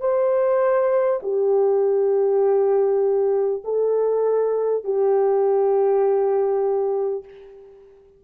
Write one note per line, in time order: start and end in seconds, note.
0.00 1.20 C5
1.23 3.63 G4
3.64 4.84 A4
4.84 7.24 G4